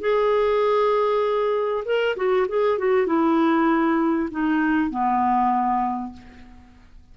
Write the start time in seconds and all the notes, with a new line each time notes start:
0.00 G#4
1.85 A#4
2.16 F#4
2.48 G#4
2.78 F#4
3.06 E4
4.31 D#4
4.90 B3